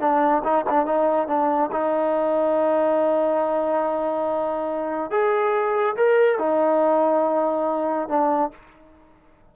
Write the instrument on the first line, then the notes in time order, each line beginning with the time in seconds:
trombone
0.00 D4
0.44 D#4
0.69 D4
0.86 D#4
1.27 D4
1.72 D#4
5.10 G#4
5.96 A#4
6.39 D#4
8.09 D4